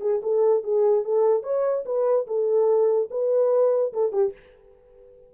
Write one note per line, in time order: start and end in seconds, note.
0.00 0.21 G#4
0.22 0.63 A4
0.63 1.04 G#4
1.04 1.43 A4
1.43 1.84 C#5
1.85 2.26 B4
2.26 3.09 A4
3.10 3.92 B4
3.93 4.12 A4
4.12 4.32 G4